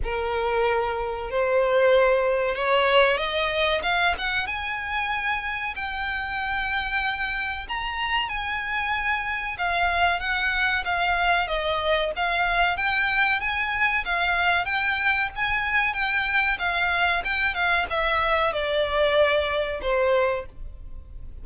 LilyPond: \new Staff \with { instrumentName = "violin" } { \time 4/4 \tempo 4 = 94 ais'2 c''2 | cis''4 dis''4 f''8 fis''8 gis''4~ | gis''4 g''2. | ais''4 gis''2 f''4 |
fis''4 f''4 dis''4 f''4 | g''4 gis''4 f''4 g''4 | gis''4 g''4 f''4 g''8 f''8 | e''4 d''2 c''4 | }